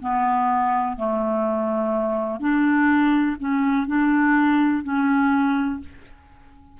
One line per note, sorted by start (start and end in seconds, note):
0.00 0.96 B3
0.96 2.39 A3
2.39 3.36 D4
3.39 3.86 C#4
3.86 4.83 D4
4.83 5.80 C#4